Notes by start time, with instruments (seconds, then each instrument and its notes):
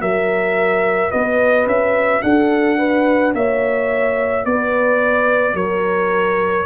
0.00 tuba F#3, trombone F#4, horn A#4, trumpet E5
1.11 tuba B3, horn B4, trumpet D#5
1.66 tuba C#4, trumpet E5
2.22 tuba D4, horn A4, trumpet F#5
2.78 horn B4
3.34 tuba A#3, horn C#5, trumpet E5
4.45 tuba B3, horn B4, trumpet D5
5.54 tuba F#3, horn A#4, trumpet C#5